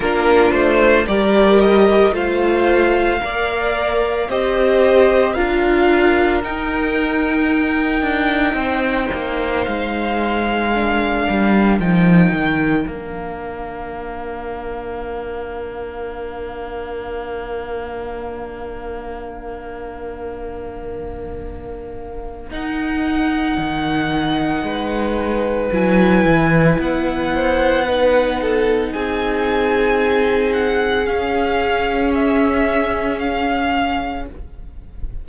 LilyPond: <<
  \new Staff \with { instrumentName = "violin" } { \time 4/4 \tempo 4 = 56 ais'8 c''8 d''8 dis''8 f''2 | dis''4 f''4 g''2~ | g''4 f''2 g''4 | f''1~ |
f''1~ | f''4 fis''2. | gis''4 fis''2 gis''4~ | gis''8 fis''8 f''4 e''4 f''4 | }
  \new Staff \with { instrumentName = "violin" } { \time 4/4 f'4 ais'4 c''4 d''4 | c''4 ais'2. | c''2 ais'2~ | ais'1~ |
ais'1~ | ais'2. b'4~ | b'4. c''8 b'8 a'8 gis'4~ | gis'1 | }
  \new Staff \with { instrumentName = "viola" } { \time 4/4 d'4 g'4 f'4 ais'4 | g'4 f'4 dis'2~ | dis'2 d'4 dis'4 | d'1~ |
d'1~ | d'4 dis'2. | e'2 dis'2~ | dis'4 cis'2. | }
  \new Staff \with { instrumentName = "cello" } { \time 4/4 ais8 a8 g4 a4 ais4 | c'4 d'4 dis'4. d'8 | c'8 ais8 gis4. g8 f8 dis8 | ais1~ |
ais1~ | ais4 dis'4 dis4 gis4 | fis8 e8 b2 c'4~ | c'4 cis'2. | }
>>